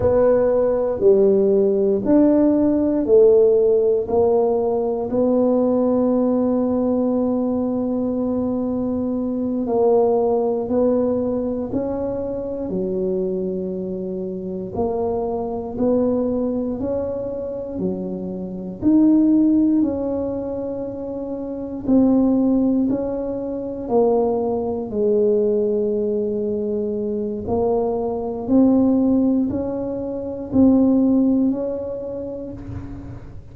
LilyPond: \new Staff \with { instrumentName = "tuba" } { \time 4/4 \tempo 4 = 59 b4 g4 d'4 a4 | ais4 b2.~ | b4. ais4 b4 cis'8~ | cis'8 fis2 ais4 b8~ |
b8 cis'4 fis4 dis'4 cis'8~ | cis'4. c'4 cis'4 ais8~ | ais8 gis2~ gis8 ais4 | c'4 cis'4 c'4 cis'4 | }